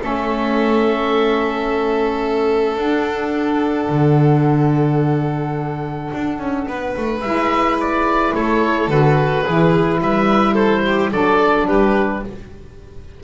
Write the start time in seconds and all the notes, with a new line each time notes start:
0.00 A3 C#4 A4 E5
2.77 D4 F#5
3.89 D3
6.14 D4
6.38 C#4
6.67 B3 B4
6.96 A3
7.20 G#3 E4 E5
7.80 D5
8.34 A3 A4 C#5
8.87 D3 F#4 B4
9.44 E3 E4 G#4
10.00 G3 B4 E5
10.53 A4 C5
10.85 G4
11.11 F#3 D4 A4 D5
11.66 G3 G4 B4